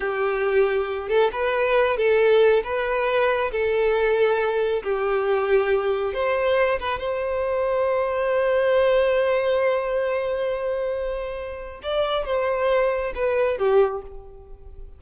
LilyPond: \new Staff \with { instrumentName = "violin" } { \time 4/4 \tempo 4 = 137 g'2~ g'8 a'8 b'4~ | b'8 a'4. b'2 | a'2. g'4~ | g'2 c''4. b'8 |
c''1~ | c''1~ | c''2. d''4 | c''2 b'4 g'4 | }